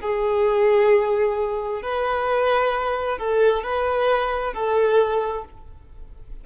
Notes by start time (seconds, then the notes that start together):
0.00 G#4
1.82 B4
3.18 A4
3.63 B4
4.53 A4